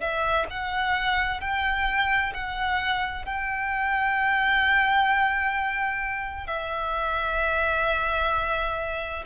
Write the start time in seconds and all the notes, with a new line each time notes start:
0.00 E5
0.50 F#5
1.41 G5
2.34 F#5
3.25 G5
6.47 E5